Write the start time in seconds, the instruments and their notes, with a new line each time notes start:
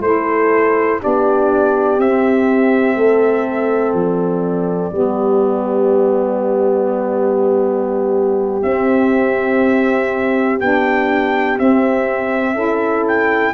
0.00 tuba A3, saxophone E4, horn A4, trumpet C5
1.00 tuba B3, saxophone D4, horn G4, trumpet D5
1.98 tuba C4, saxophone C4, trumpet E5
2.95 tuba A3, horn A4
3.93 tuba F3, trumpet D5
4.92 tuba G3, saxophone B3, horn G4
8.62 saxophone C4, tuba C4, trumpet E5
10.60 tuba B3, saxophone D4, trumpet G5
11.57 saxophone C4, tuba C4, trumpet E5
12.54 tuba C#4, saxophone E4, horn A4
13.08 trumpet G5